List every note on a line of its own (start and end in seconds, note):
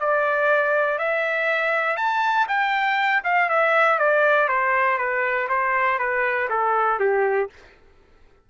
0.00 0.99 D5
0.99 1.97 E5
1.97 2.47 A5
2.48 3.23 G5
3.24 3.49 F5
3.49 3.99 E5
3.99 4.49 D5
4.49 4.98 C5
4.98 5.48 B4
5.49 5.99 C5
5.99 6.49 B4
6.50 7.00 A4
7.00 7.50 G4